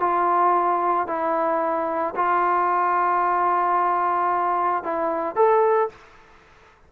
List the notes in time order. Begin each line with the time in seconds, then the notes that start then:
0.00 F4
1.07 E4
2.16 F4
4.84 E4
5.35 A4